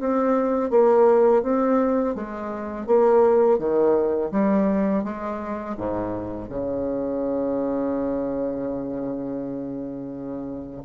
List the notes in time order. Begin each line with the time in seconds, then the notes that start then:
0.00 C4
0.70 A#3
1.43 C4
2.15 G#3
2.87 A#3
3.59 D#3
4.32 G3
5.04 G#3
5.78 G#2
6.49 C#3